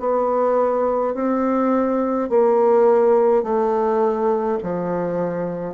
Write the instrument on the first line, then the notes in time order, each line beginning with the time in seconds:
bassoon
0.00 B3
1.15 C4
2.30 A#3
3.44 A3
4.64 F3